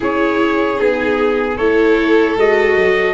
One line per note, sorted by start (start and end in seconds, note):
0.00 0.80 C#4
0.00 0.77 E4
0.00 1.56 G#4
0.00 0.79 C#5
0.77 1.58 B3
0.77 1.56 D#4
0.77 1.57 G#4
1.56 2.36 A3
1.56 2.38 E4
1.56 3.14 A4
1.56 2.36 C#5
2.36 2.75 G#3
2.36 3.14 F#4
2.36 3.14 D#5
2.75 3.14 F#3